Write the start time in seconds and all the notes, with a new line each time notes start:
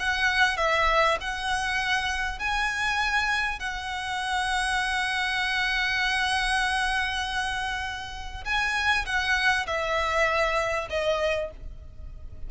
0.00 F#5
0.58 E5
1.21 F#5
2.40 G#5
3.60 F#5
8.45 G#5
9.06 F#5
9.67 E5
10.90 D#5